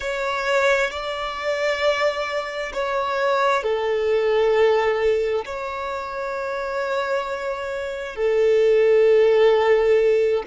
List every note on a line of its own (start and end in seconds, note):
0.00 0.90 C#5
0.90 2.72 D5
2.73 3.63 C#5
3.63 5.45 A4
5.45 8.15 C#5
8.15 10.43 A4